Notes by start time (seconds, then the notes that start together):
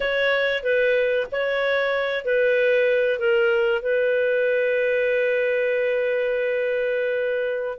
0.00 C#5
0.63 B4
1.31 C#5
2.24 B4
3.19 A#4
3.82 B4